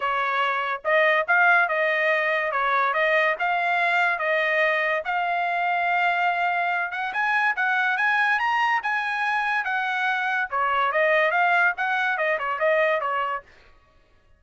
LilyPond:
\new Staff \with { instrumentName = "trumpet" } { \time 4/4 \tempo 4 = 143 cis''2 dis''4 f''4 | dis''2 cis''4 dis''4 | f''2 dis''2 | f''1~ |
f''8 fis''8 gis''4 fis''4 gis''4 | ais''4 gis''2 fis''4~ | fis''4 cis''4 dis''4 f''4 | fis''4 dis''8 cis''8 dis''4 cis''4 | }